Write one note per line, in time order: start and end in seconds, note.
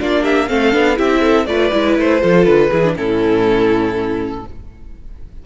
0.00 0.50 A#3
0.00 0.48 D4
0.00 0.22 F4
0.00 0.24 D5
0.22 0.47 G4
0.22 0.48 E5
0.48 0.74 A3
0.48 0.72 C4
0.48 0.97 A4
0.48 0.98 F5
0.72 0.98 B3
0.72 0.96 D4
0.96 1.46 C4
0.96 1.46 E4
0.96 1.21 G4
0.96 1.46 E5
1.21 1.46 A4
1.46 1.71 A3
1.46 1.72 F4
1.46 2.21 B4
1.46 1.96 D5
1.72 1.98 G#3
1.72 2.21 E4
1.98 2.23 A3
1.98 2.45 C5
2.21 2.46 F3
2.21 2.71 F4
2.21 2.70 A4
2.45 2.71 D3
2.45 2.94 B4
2.70 2.96 E3
2.70 2.84 E4
2.70 2.95 G#4
2.84 2.96 D4
2.96 4.44 A2
2.96 4.45 C#4
2.96 4.45 E4
2.96 4.46 A4